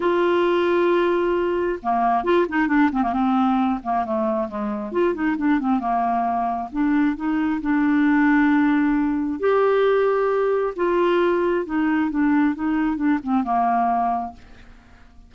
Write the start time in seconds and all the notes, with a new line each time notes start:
0.00 F4
1.82 A#3
2.24 F4
2.48 D#4
2.67 D4
2.92 C4
3.02 A#3
3.12 C4
3.83 A#3
4.05 A3
4.48 G#3
4.92 F4
5.14 D#4
5.37 D4
5.59 C4
5.79 A#3
6.72 D4
7.16 D#4
7.61 D4
9.39 G4
10.76 F4
11.65 D#4
12.10 D4
12.54 D#4
12.96 D4
13.22 C4
13.43 A#3